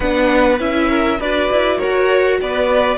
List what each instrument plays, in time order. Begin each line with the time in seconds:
0.00 cello B3, viola D4, violin B4 F#5
0.59 cello C#4, viola E4, violin E5
0.88 violin A#4
1.20 cello D4, viola F#4, violin B4 D5
1.50 cello E4
1.77 cello F#4, violin A#4 C#5
2.41 cello B3, violin B4 D5